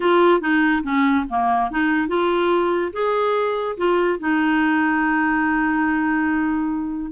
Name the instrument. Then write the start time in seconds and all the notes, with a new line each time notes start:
clarinet
0.00 F4
0.40 D#4
0.83 C#4
1.29 A#3
1.71 D#4
2.08 F4
2.93 G#4
3.77 F4
4.19 D#4